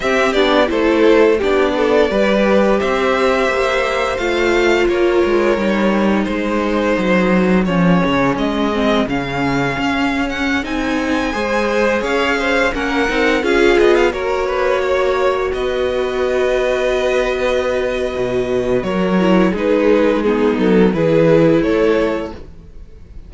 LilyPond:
<<
  \new Staff \with { instrumentName = "violin" } { \time 4/4 \tempo 4 = 86 e''8 d''8 c''4 d''2 | e''2 f''4 cis''4~ | cis''4 c''2 cis''4 | dis''4 f''4.~ f''16 fis''8 gis''8.~ |
gis''4~ gis''16 f''4 fis''4 f''8 dis''16 | f''16 cis''2 dis''4.~ dis''16~ | dis''2. cis''4 | b'4 gis'8 a'8 b'4 cis''4 | }
  \new Staff \with { instrumentName = "violin" } { \time 4/4 g'4 a'4 g'8 a'8 b'4 | c''2. ais'4~ | ais'4 gis'2.~ | gis'1~ |
gis'16 c''4 cis''8 c''8 ais'4 gis'8.~ | gis'16 ais'8 b'8 cis''4 b'4.~ b'16~ | b'2. ais'4 | gis'4 dis'4 gis'4 a'4 | }
  \new Staff \with { instrumentName = "viola" } { \time 4/4 c'8 d'8 e'4 d'4 g'4~ | g'2 f'2 | dis'2. cis'4~ | cis'8 c'8 cis'2~ cis'16 dis'8.~ |
dis'16 gis'2 cis'8 dis'8 f'8.~ | f'16 fis'2.~ fis'8.~ | fis'2.~ fis'8 e'8 | dis'4 b4 e'2 | }
  \new Staff \with { instrumentName = "cello" } { \time 4/4 c'8 b8 a4 b4 g4 | c'4 ais4 a4 ais8 gis8 | g4 gis4 fis4 f8 cis8 | gis4 cis4 cis'4~ cis'16 c'8.~ |
c'16 gis4 cis'4 ais8 c'8 cis'8 b16~ | b16 ais2 b4.~ b16~ | b2 b,4 fis4 | gis4. fis8 e4 a4 | }
>>